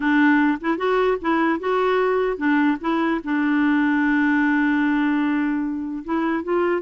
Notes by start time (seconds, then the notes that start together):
0.00 D4
0.60 E4
0.77 F#4
1.21 E4
1.59 F#4
2.37 D4
2.81 E4
3.24 D4
6.04 E4
6.43 F4